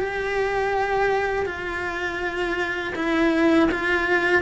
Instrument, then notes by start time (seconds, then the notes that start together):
cello
0.00 G4
1.46 F4
2.96 E4
3.72 F4